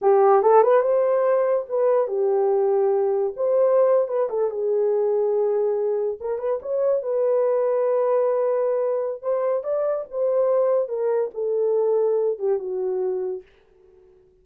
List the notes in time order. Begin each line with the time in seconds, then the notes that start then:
0.01 G4
0.42 A4
0.63 B4
0.81 C5
1.68 B4
2.07 G4
3.36 C5
4.07 B4
4.29 A4
4.50 G#4
6.20 A#4
6.38 B4
6.61 C#5
7.02 B4
9.22 C5
9.63 D5
10.10 C5
10.88 A#4
11.34 A4
12.39 G4
12.58 F#4